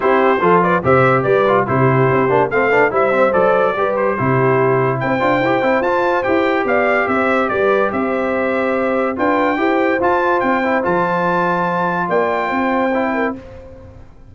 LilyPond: <<
  \new Staff \with { instrumentName = "trumpet" } { \time 4/4 \tempo 4 = 144 c''4. d''8 e''4 d''4 | c''2 f''4 e''4 | d''4. c''2~ c''8 | g''2 a''4 g''4 |
f''4 e''4 d''4 e''4~ | e''2 g''2 | a''4 g''4 a''2~ | a''4 g''2. | }
  \new Staff \with { instrumentName = "horn" } { \time 4/4 g'4 a'8 b'8 c''4 b'4 | g'2 a'8 b'8 c''4~ | c''4 b'4 g'2 | c''1 |
d''4 c''4 b'4 c''4~ | c''2 b'4 c''4~ | c''1~ | c''4 d''4 c''4. ais'8 | }
  \new Staff \with { instrumentName = "trombone" } { \time 4/4 e'4 f'4 g'4. f'8 | e'4. d'8 c'8 d'8 e'8 c'8 | a'4 g'4 e'2~ | e'8 f'8 g'8 e'8 f'4 g'4~ |
g'1~ | g'2 f'4 g'4 | f'4. e'8 f'2~ | f'2. e'4 | }
  \new Staff \with { instrumentName = "tuba" } { \time 4/4 c'4 f4 c4 g4 | c4 c'8 ais8 a4 g4 | fis4 g4 c2 | c'8 d'8 e'8 c'8 f'4 e'4 |
b4 c'4 g4 c'4~ | c'2 d'4 e'4 | f'4 c'4 f2~ | f4 ais4 c'2 | }
>>